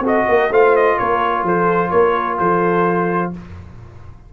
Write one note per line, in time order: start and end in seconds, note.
0.00 0.23 C4
0.00 0.51 F#4
0.00 0.26 A4
0.07 0.53 D#5
0.28 0.50 A#3
0.28 0.50 A#4
0.50 0.97 A3
0.50 3.33 F4
0.50 0.97 C5
0.50 0.76 F5
0.76 0.98 D#5
0.97 1.43 A#3
0.97 1.43 A#4
0.97 1.45 C#5
1.43 1.90 F3
1.43 1.91 A4
1.43 1.90 C5
1.90 2.39 A#3
1.90 2.38 A#4
1.90 2.37 C#5
2.38 3.33 F3
2.38 3.31 A4
2.38 3.32 C5